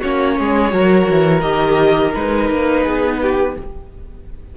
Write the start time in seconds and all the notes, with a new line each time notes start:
0.00 A#3 C#4 F#4 C#5
0.39 G#3 G#4
0.71 F#3 F#4 A#4
1.11 E3
1.42 D#3 G4 D#5
2.14 G#3 D#4 B4
2.51 A#3
2.82 B3 G#4
3.22 G4